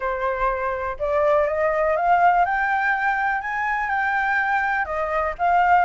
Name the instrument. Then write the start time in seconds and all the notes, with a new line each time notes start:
flute
0.00 C5
0.99 D5
1.47 D#5
1.96 F5
2.45 G5
3.41 G#5
3.89 G5
4.85 D#5
5.38 F5